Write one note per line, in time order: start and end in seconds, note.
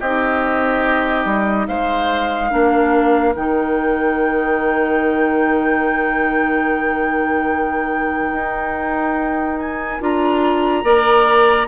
0.00 1.25 C4
0.00 2.50 D#4
0.00 1.67 G4
0.00 1.67 D#5
1.25 1.66 G3
1.67 2.52 G#3
1.67 2.50 C5
1.67 3.34 F5
2.50 3.36 A#3
2.50 3.34 D4
2.50 10.83 A#4
3.35 8.32 D#3
3.35 10.01 D#4
3.35 9.59 G5
8.32 9.99 D#4
9.59 10.01 G#5
10.01 10.84 D4
10.01 10.84 F4
10.01 11.67 A#5
10.84 11.67 A#3
10.84 11.67 A#4
10.84 11.67 D5